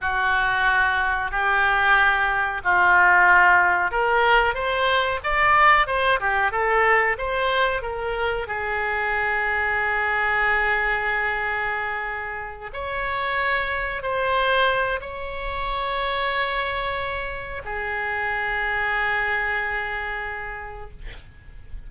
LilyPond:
\new Staff \with { instrumentName = "oboe" } { \time 4/4 \tempo 4 = 92 fis'2 g'2 | f'2 ais'4 c''4 | d''4 c''8 g'8 a'4 c''4 | ais'4 gis'2.~ |
gis'2.~ gis'8 cis''8~ | cis''4. c''4. cis''4~ | cis''2. gis'4~ | gis'1 | }